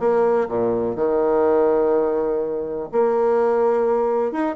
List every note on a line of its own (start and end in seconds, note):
0.00 0.48 A#3
0.48 0.96 A#2
0.96 2.89 D#3
2.92 4.32 A#3
4.32 4.56 D#4